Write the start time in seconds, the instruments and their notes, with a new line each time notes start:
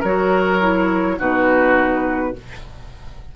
0.00 bassoon F#3, clarinet F#4, oboe A#4, flute C#5
0.60 clarinet E4
1.18 bassoon B2, clarinet D#4, oboe F#4, flute B4